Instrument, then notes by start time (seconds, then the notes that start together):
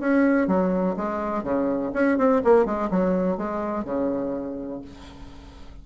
bassoon
0.00 C#4
0.48 F#3
0.97 G#3
1.43 C#3
1.94 C#4
2.18 C4
2.44 A#3
2.65 G#3
2.91 F#3
3.38 G#3
3.85 C#3